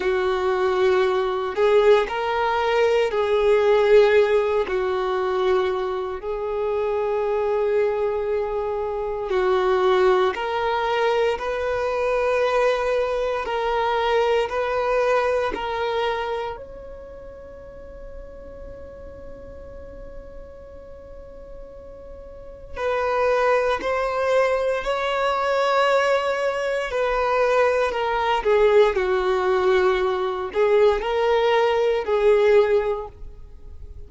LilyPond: \new Staff \with { instrumentName = "violin" } { \time 4/4 \tempo 4 = 58 fis'4. gis'8 ais'4 gis'4~ | gis'8 fis'4. gis'2~ | gis'4 fis'4 ais'4 b'4~ | b'4 ais'4 b'4 ais'4 |
cis''1~ | cis''2 b'4 c''4 | cis''2 b'4 ais'8 gis'8 | fis'4. gis'8 ais'4 gis'4 | }